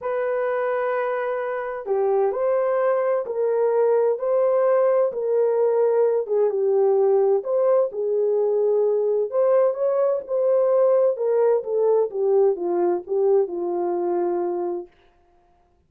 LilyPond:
\new Staff \with { instrumentName = "horn" } { \time 4/4 \tempo 4 = 129 b'1 | g'4 c''2 ais'4~ | ais'4 c''2 ais'4~ | ais'4. gis'8 g'2 |
c''4 gis'2. | c''4 cis''4 c''2 | ais'4 a'4 g'4 f'4 | g'4 f'2. | }